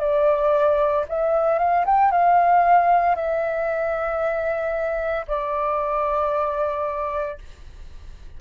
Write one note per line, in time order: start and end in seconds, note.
0.00 1.05 D5
1.09 1.59 E5
1.59 1.85 F5
1.85 2.11 G5
2.11 3.15 F5
3.15 5.26 E5
5.27 7.38 D5